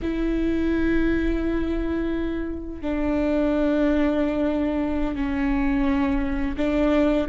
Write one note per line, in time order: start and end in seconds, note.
0.02 2.81 E4
2.81 5.15 D4
5.15 6.56 C#4
6.57 7.27 D4